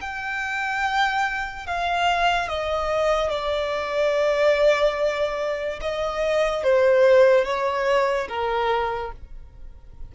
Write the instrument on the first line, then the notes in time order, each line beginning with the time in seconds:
violin
0.00 G5
1.66 F5
2.48 D#5
3.30 D5
5.81 D#5
6.63 C5
7.44 C#5
8.28 A#4